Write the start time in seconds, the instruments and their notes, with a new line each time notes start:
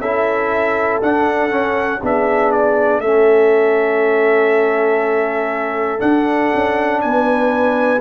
0.00 tuba C#4, trombone E4, horn A4, trumpet E5
1.02 tuba D4, trombone D4, trumpet F#5
1.50 trombone C#4, tuba C#4
2.02 tuba B3, trombone D4, horn G#4, trumpet E5
2.52 trumpet D5
3.00 tuba A3, trombone C#4, horn A4, trumpet E5
5.99 trombone D4, tuba D4, trumpet F#5
6.54 tuba C#4
7.01 tuba B3, horn B4, trumpet G#5